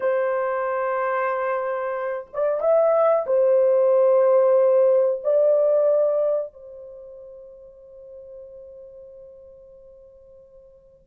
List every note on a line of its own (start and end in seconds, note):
0.00 2.27 C5
2.33 2.60 D5
2.60 3.25 E5
3.26 5.22 C5
5.23 6.53 D5
6.53 11.07 C5